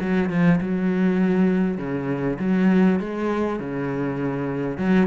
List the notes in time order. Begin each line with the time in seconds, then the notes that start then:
0.00 F#3
0.29 F3
0.60 F#3
1.78 C#3
2.39 F#3
2.99 G#3
3.59 C#3
4.77 F#3